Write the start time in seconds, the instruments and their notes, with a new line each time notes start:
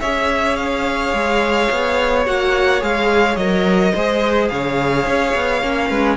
0.00 cello C#4, viola G#4, violin C#5 E5
0.56 violin F5
1.13 cello G#3
1.71 cello B3
2.26 cello A#3, viola F#4, violin F#5
2.81 cello G#3, viola G#4, violin F5
3.36 cello F#3, viola A#4, violin D#5
3.94 cello G#3, viola G#4, violin C5
4.49 cello C#3, violin C#5 F5
5.06 cello C#4
5.35 cello B3
5.62 cello A#3, viola C#4
5.89 cello G#3, violin B4